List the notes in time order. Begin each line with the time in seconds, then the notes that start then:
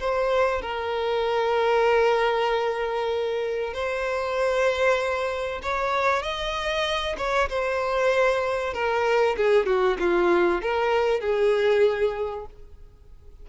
0.00 C5
0.62 A#4
3.74 C5
5.63 C#5
6.23 D#5
7.18 C#5
7.50 C5
8.74 A#4
9.37 G#4
9.66 F#4
9.99 F4
10.62 A#4
11.21 G#4